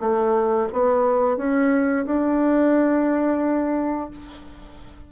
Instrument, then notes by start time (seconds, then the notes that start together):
bassoon
0.00 A3
0.73 B3
1.37 C#4
2.06 D4